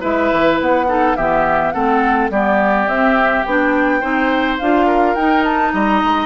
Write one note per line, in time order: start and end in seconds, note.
0.00 0.31 G#3
0.00 0.86 E4
0.00 0.86 B4
0.00 0.59 E5
0.32 0.60 E3
0.60 1.17 B3
0.60 1.16 F#5
0.87 1.16 D#4
0.87 1.17 A4
1.16 1.74 E3
1.16 1.73 B3
1.16 1.73 G4
1.16 1.71 E5
1.71 2.30 A3
1.71 2.30 C4
1.71 2.30 A4
1.71 2.28 F#5
2.30 2.87 G3
2.30 2.86 B3
2.30 4.00 G4
2.30 2.88 D5
2.86 3.44 C4
2.86 3.43 E5
3.43 4.03 B3
3.43 4.01 D4
3.43 4.57 G5
4.00 4.60 C4
4.00 4.58 D#4
4.00 4.86 C5
4.58 5.15 D4
4.58 5.17 F4
4.58 5.15 F5
4.86 5.72 A#4
5.15 5.73 D#4
5.15 6.26 D#4
5.15 5.43 G5
5.44 5.72 A5
5.73 6.02 G3
5.73 6.26 D#5
5.73 6.26 A#5
6.03 6.26 G#3